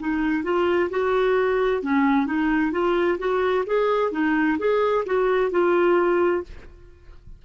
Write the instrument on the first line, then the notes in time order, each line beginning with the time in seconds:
clarinet
0.00 D#4
0.43 F4
0.90 F#4
1.82 C#4
2.26 D#4
2.71 F4
3.18 F#4
3.66 G#4
4.12 D#4
4.59 G#4
5.06 F#4
5.51 F4